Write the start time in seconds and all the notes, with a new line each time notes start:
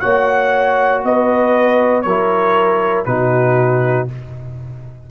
0.00 A#3 F#4 C#5 F#5
1.04 B3 B4 D#5
2.02 F#3 A#4 C#5
2.08 E4
3.05 B2 D#4 F#4 B4